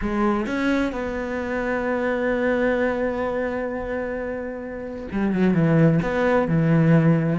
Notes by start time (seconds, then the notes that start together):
0.01 G#3
0.46 C#4
0.92 B3
5.11 G3
5.32 F#3
5.54 E3
6.02 B3
6.47 E3